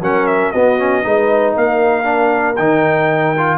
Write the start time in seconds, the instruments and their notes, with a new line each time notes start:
0.00 tuba F#3, trombone C#4, horn A#4, trumpet F#5
0.26 trumpet E5
0.51 tuba B3, trombone B3, horn F#4, trumpet D#5
0.78 trombone C#4
1.02 tuba G#3, trombone D#4, horn B4
1.56 tuba A#3, horn A#4, trumpet F5
2.03 trombone D4
2.55 tuba D#3, trombone D#4, trumpet G5
3.37 trombone F4